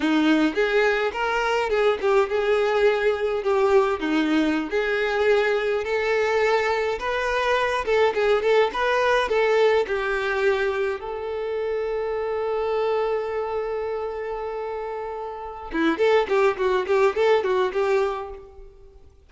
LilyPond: \new Staff \with { instrumentName = "violin" } { \time 4/4 \tempo 4 = 105 dis'4 gis'4 ais'4 gis'8 g'8 | gis'2 g'4 dis'4~ | dis'16 gis'2 a'4.~ a'16~ | a'16 b'4. a'8 gis'8 a'8 b'8.~ |
b'16 a'4 g'2 a'8.~ | a'1~ | a'2.~ a'8 e'8 | a'8 g'8 fis'8 g'8 a'8 fis'8 g'4 | }